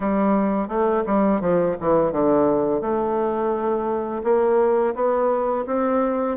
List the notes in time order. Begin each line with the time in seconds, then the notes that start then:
0.00 G3
0.68 A3
1.06 G3
1.40 F3
1.80 E3
2.12 D3
2.81 A3
4.24 A#3
4.94 B3
5.66 C4